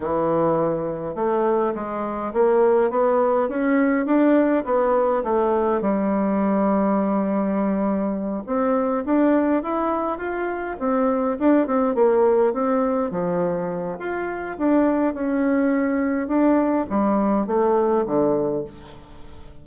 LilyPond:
\new Staff \with { instrumentName = "bassoon" } { \time 4/4 \tempo 4 = 103 e2 a4 gis4 | ais4 b4 cis'4 d'4 | b4 a4 g2~ | g2~ g8 c'4 d'8~ |
d'8 e'4 f'4 c'4 d'8 | c'8 ais4 c'4 f4. | f'4 d'4 cis'2 | d'4 g4 a4 d4 | }